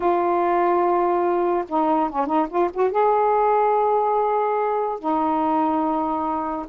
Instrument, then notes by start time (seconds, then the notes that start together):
saxophone
0.00 F4
1.68 D#4
2.09 C#4
2.26 D#4
2.49 F4
2.73 F#4
2.91 G#4
4.99 D#4